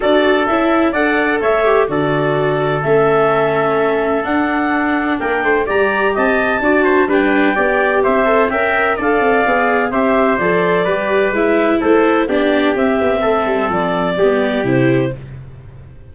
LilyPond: <<
  \new Staff \with { instrumentName = "clarinet" } { \time 4/4 \tempo 4 = 127 d''4 e''4 fis''4 e''4 | d''2 e''2~ | e''4 fis''2 g''4 | ais''4 a''2 g''4~ |
g''4 e''4 g''4 f''4~ | f''4 e''4 d''2 | e''4 c''4 d''4 e''4~ | e''4 d''2 c''4 | }
  \new Staff \with { instrumentName = "trumpet" } { \time 4/4 a'2 d''4 cis''4 | a'1~ | a'2. ais'8 c''8 | d''4 dis''4 d''8 c''8 b'4 |
d''4 c''4 e''4 d''4~ | d''4 c''2 b'4~ | b'4 a'4 g'2 | a'2 g'2 | }
  \new Staff \with { instrumentName = "viola" } { \time 4/4 fis'4 e'4 a'4. g'8 | fis'2 cis'2~ | cis'4 d'2. | g'2 fis'4 d'4 |
g'4. a'8 ais'4 a'4 | gis'4 g'4 a'4 g'4 | e'2 d'4 c'4~ | c'2 b4 e'4 | }
  \new Staff \with { instrumentName = "tuba" } { \time 4/4 d'4 cis'4 d'4 a4 | d2 a2~ | a4 d'2 ais8 a8 | g4 c'4 d'4 g4 |
b4 c'4 cis'4 d'8 c'8 | b4 c'4 f4 g4 | gis4 a4 b4 c'8 b8 | a8 g8 f4 g4 c4 | }
>>